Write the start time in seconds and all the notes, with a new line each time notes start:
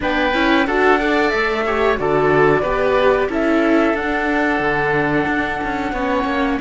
0.00 B3 D4 B4 G5
0.33 C#4 E4
0.66 D4 F#4 A4 F#5
0.98 A4 D5
1.29 A3 E5
1.65 G4 C#5
1.97 D3 F#4 A4 D5
2.61 B3 G4 B4
3.29 C#4 E4 A4 E5
3.93 D4 F#5
4.59 D3
5.27 D4
5.63 C#4
5.92 B3 C#4 C#5
6.24 A#3